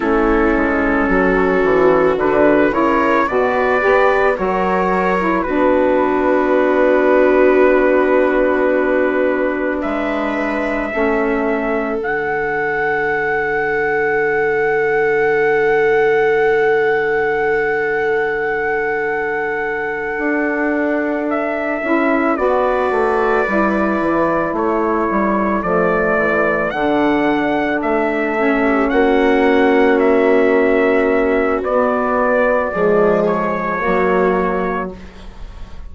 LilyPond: <<
  \new Staff \with { instrumentName = "trumpet" } { \time 4/4 \tempo 4 = 55 a'2 b'8 cis''8 d''4 | cis''4 b'2.~ | b'4 e''2 fis''4~ | fis''1~ |
fis''2.~ fis''8 e''8~ | e''8 d''2 cis''4 d''8~ | d''8 fis''4 e''4 fis''4 e''8~ | e''4 d''4. cis''4. | }
  \new Staff \with { instrumentName = "viola" } { \time 4/4 e'4 fis'4. ais'8 b'4 | ais'4 fis'2.~ | fis'4 b'4 a'2~ | a'1~ |
a'1~ | a'8 b'2 a'4.~ | a'2~ a'16 g'16 fis'4.~ | fis'2 gis'4 fis'4 | }
  \new Staff \with { instrumentName = "saxophone" } { \time 4/4 cis'2 d'8 e'8 fis'8 g'8 | fis'8. e'16 d'2.~ | d'2 cis'4 d'4~ | d'1~ |
d'1 | e'8 fis'4 e'2 a8~ | a8 d'4. cis'2~ | cis'4 b4 gis4 ais4 | }
  \new Staff \with { instrumentName = "bassoon" } { \time 4/4 a8 gis8 fis8 e8 d8 cis8 b,8 b8 | fis4 b2.~ | b4 gis4 a4 d4~ | d1~ |
d2~ d8 d'4. | cis'8 b8 a8 g8 e8 a8 g8 f8 | e8 d4 a4 ais4.~ | ais4 b4 f4 fis4 | }
>>